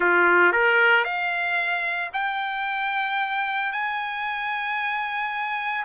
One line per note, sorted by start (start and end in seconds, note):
0.00 0.52 F4
0.52 1.04 A#4
1.04 2.10 F5
2.13 3.72 G5
3.72 5.84 G#5